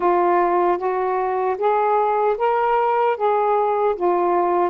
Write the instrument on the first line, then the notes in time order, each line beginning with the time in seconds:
saxophone
0.00 F4
0.78 F#4
1.58 G#4
2.37 A#4
3.17 G#4
3.96 F4